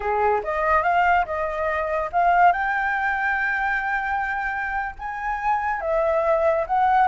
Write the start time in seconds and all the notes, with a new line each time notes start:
0.00 G#4
0.43 D#5
0.82 F5
1.25 D#5
2.12 F5
2.52 G5
4.99 G#5
5.81 E5
6.66 F#5